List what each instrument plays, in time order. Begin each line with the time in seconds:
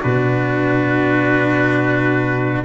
0.00 tuba B2, cello D4, trumpet F#4 B4